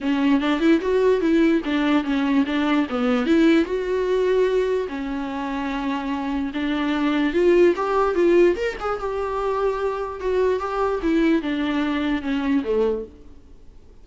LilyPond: \new Staff \with { instrumentName = "viola" } { \time 4/4 \tempo 4 = 147 cis'4 d'8 e'8 fis'4 e'4 | d'4 cis'4 d'4 b4 | e'4 fis'2. | cis'1 |
d'2 f'4 g'4 | f'4 ais'8 gis'8 g'2~ | g'4 fis'4 g'4 e'4 | d'2 cis'4 a4 | }